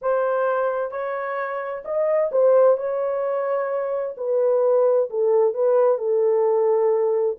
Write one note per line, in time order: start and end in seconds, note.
0.01 0.91 C5
0.91 1.83 C#5
1.84 2.31 D#5
2.31 2.77 C5
2.77 4.15 C#5
4.17 5.09 B4
5.09 5.54 A4
5.54 5.98 B4
5.98 7.36 A4